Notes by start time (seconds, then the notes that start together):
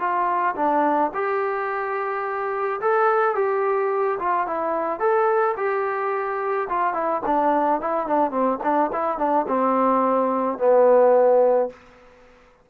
0.00 F4
0.56 D4
1.14 G4
2.81 A4
3.36 G4
4.20 F4
4.47 E4
5.00 A4
5.57 G4
6.70 F4
6.94 E4
7.26 D4
7.81 E4
8.07 D4
8.31 C4
8.64 D4
8.93 E4
9.19 D4
9.49 C4
10.59 B3